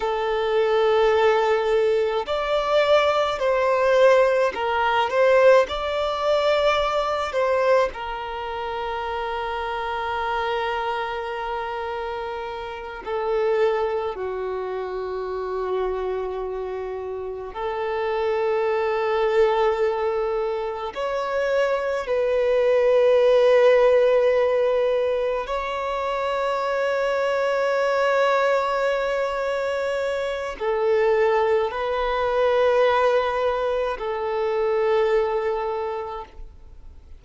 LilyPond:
\new Staff \with { instrumentName = "violin" } { \time 4/4 \tempo 4 = 53 a'2 d''4 c''4 | ais'8 c''8 d''4. c''8 ais'4~ | ais'2.~ ais'8 a'8~ | a'8 fis'2. a'8~ |
a'2~ a'8 cis''4 b'8~ | b'2~ b'8 cis''4.~ | cis''2. a'4 | b'2 a'2 | }